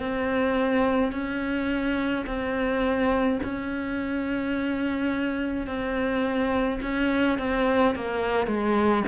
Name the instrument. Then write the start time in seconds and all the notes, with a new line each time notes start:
cello
0.00 C4
1.12 C#4
2.26 C4
3.43 C#4
5.67 C4
6.82 C#4
7.38 C4
7.96 A#3
8.46 G#3